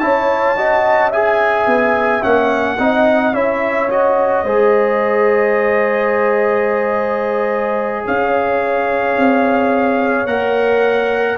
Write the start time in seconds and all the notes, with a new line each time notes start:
0.00 C#4 E4 C#5 A5
0.57 F#4 D#5
1.10 G#4 E5 G#5
1.67 B3
2.22 A#3 C#4 F#5
2.79 C4 D#4 D#5
3.34 C#4 E4 C#5 E5
3.90 F#4 D#5
4.44 G#3 G#4 C5
8.06 C#4 C#5 F5
9.18 C4
10.26 A#3 A#4 F#5